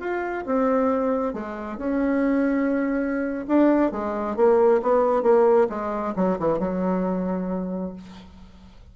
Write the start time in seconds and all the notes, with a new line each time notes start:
0.00 F4
0.46 C4
1.34 G#3
1.78 C#4
3.48 D4
3.91 G#3
4.36 A#3
4.82 B3
5.23 A#3
5.69 G#3
6.16 F#3
6.39 E3
6.59 F#3